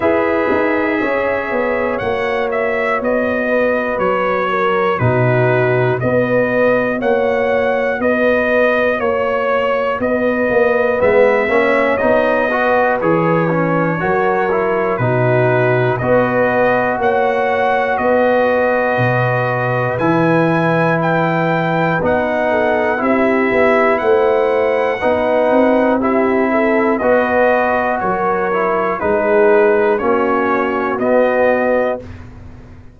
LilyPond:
<<
  \new Staff \with { instrumentName = "trumpet" } { \time 4/4 \tempo 4 = 60 e''2 fis''8 e''8 dis''4 | cis''4 b'4 dis''4 fis''4 | dis''4 cis''4 dis''4 e''4 | dis''4 cis''2 b'4 |
dis''4 fis''4 dis''2 | gis''4 g''4 fis''4 e''4 | fis''2 e''4 dis''4 | cis''4 b'4 cis''4 dis''4 | }
  \new Staff \with { instrumentName = "horn" } { \time 4/4 b'4 cis''2~ cis''8 b'8~ | b'8 ais'8 fis'4 b'4 cis''4 | b'4 cis''4 b'4. cis''8~ | cis''8 b'4. ais'4 fis'4 |
b'4 cis''4 b'2~ | b'2~ b'8 a'8 g'4 | c''4 b'4 g'8 a'8 b'4 | ais'4 gis'4 fis'2 | }
  \new Staff \with { instrumentName = "trombone" } { \time 4/4 gis'2 fis'2~ | fis'4 dis'4 fis'2~ | fis'2. b8 cis'8 | dis'8 fis'8 gis'8 cis'8 fis'8 e'8 dis'4 |
fis'1 | e'2 dis'4 e'4~ | e'4 dis'4 e'4 fis'4~ | fis'8 e'8 dis'4 cis'4 b4 | }
  \new Staff \with { instrumentName = "tuba" } { \time 4/4 e'8 dis'8 cis'8 b8 ais4 b4 | fis4 b,4 b4 ais4 | b4 ais4 b8 ais8 gis8 ais8 | b4 e4 fis4 b,4 |
b4 ais4 b4 b,4 | e2 b4 c'8 b8 | a4 b8 c'4. b4 | fis4 gis4 ais4 b4 | }
>>